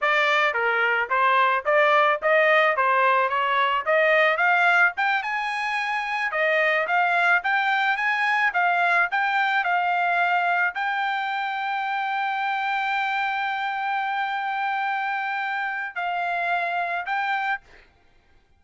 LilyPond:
\new Staff \with { instrumentName = "trumpet" } { \time 4/4 \tempo 4 = 109 d''4 ais'4 c''4 d''4 | dis''4 c''4 cis''4 dis''4 | f''4 g''8 gis''2 dis''8~ | dis''8 f''4 g''4 gis''4 f''8~ |
f''8 g''4 f''2 g''8~ | g''1~ | g''1~ | g''4 f''2 g''4 | }